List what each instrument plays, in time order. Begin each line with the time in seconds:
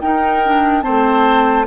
0.00 bassoon D#4, clarinet D#4, oboe A#4, flute G5
0.45 clarinet D4
0.82 bassoon A3, clarinet C4, oboe C5, flute A5